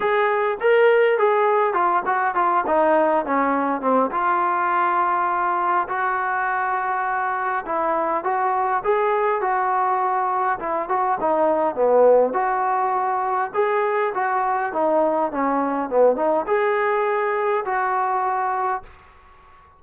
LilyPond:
\new Staff \with { instrumentName = "trombone" } { \time 4/4 \tempo 4 = 102 gis'4 ais'4 gis'4 f'8 fis'8 | f'8 dis'4 cis'4 c'8 f'4~ | f'2 fis'2~ | fis'4 e'4 fis'4 gis'4 |
fis'2 e'8 fis'8 dis'4 | b4 fis'2 gis'4 | fis'4 dis'4 cis'4 b8 dis'8 | gis'2 fis'2 | }